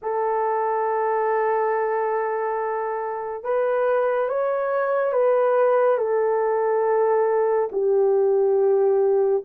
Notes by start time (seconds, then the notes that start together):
0.02 A4
3.43 B4
4.29 C#5
5.12 B4
5.97 A4
7.71 G4